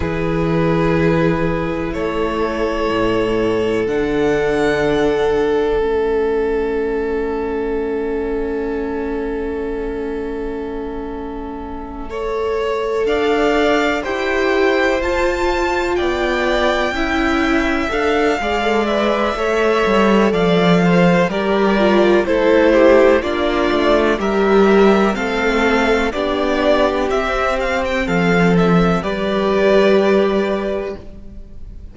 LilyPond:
<<
  \new Staff \with { instrumentName = "violin" } { \time 4/4 \tempo 4 = 62 b'2 cis''2 | fis''2 e''2~ | e''1~ | e''4. f''4 g''4 a''8~ |
a''8 g''2 f''4 e''8~ | e''4 f''4 d''4 c''4 | d''4 e''4 f''4 d''4 | e''8 f''16 g''16 f''8 e''8 d''2 | }
  \new Staff \with { instrumentName = "violin" } { \time 4/4 gis'2 a'2~ | a'1~ | a'1~ | a'8 cis''4 d''4 c''4.~ |
c''8 d''4 e''4. d''4 | cis''4 d''8 c''8 ais'4 a'8 g'8 | f'4 ais'4 a'4 g'4~ | g'4 a'4 b'2 | }
  \new Staff \with { instrumentName = "viola" } { \time 4/4 e'1 | d'2 cis'2~ | cis'1~ | cis'8 a'2 g'4 f'8~ |
f'4. e'4 a'8 gis'16 a'16 b'8 | a'2 g'8 f'8 e'4 | d'4 g'4 c'4 d'4 | c'2 g'2 | }
  \new Staff \with { instrumentName = "cello" } { \time 4/4 e2 a4 a,4 | d2 a2~ | a1~ | a4. d'4 e'4 f'8~ |
f'8 b4 cis'4 d'8 gis4 | a8 g8 f4 g4 a4 | ais8 a8 g4 a4 b4 | c'4 f4 g2 | }
>>